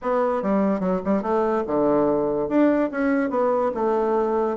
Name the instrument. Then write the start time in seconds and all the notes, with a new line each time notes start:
bassoon
0.02 B3
0.42 G3
0.80 F#3
1.04 G3
1.22 A3
1.66 D3
2.48 D4
2.91 C#4
3.30 B3
3.74 A3